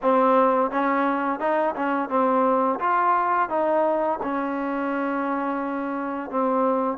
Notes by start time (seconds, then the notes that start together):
0.02 C4
0.70 C#4
1.40 D#4
1.75 C#4
2.09 C4
2.79 F4
3.49 D#4
4.22 C#4
6.30 C4